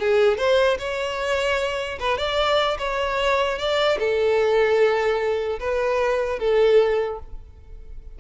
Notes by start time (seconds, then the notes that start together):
0.00 G#4
0.38 C5
0.79 C#5
2.00 B4
2.18 D5
2.79 C#5
3.59 D5
4.00 A4
5.60 B4
6.39 A4